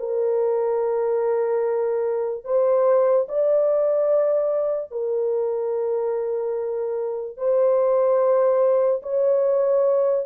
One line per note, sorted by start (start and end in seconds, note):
0.00 2.45 A#4
2.45 3.27 C5
3.29 4.92 D5
4.92 7.37 A#4
7.37 9.02 C5
9.03 10.26 C#5